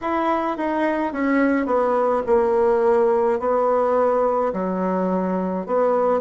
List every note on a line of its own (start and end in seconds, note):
0.01 0.57 E4
0.57 1.13 D#4
1.13 1.66 C#4
1.66 2.22 B3
2.26 3.39 A#3
3.40 4.53 B3
4.53 5.66 F#3
5.66 6.20 B3